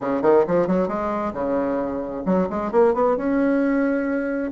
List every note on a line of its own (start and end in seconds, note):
0.00 0.22 C#3
0.22 0.44 D#3
0.47 0.67 F3
0.67 0.87 F#3
0.87 1.32 G#3
1.33 2.23 C#3
2.25 2.48 F#3
2.49 2.71 G#3
2.71 2.94 A#3
2.94 3.16 B3
3.16 4.51 C#4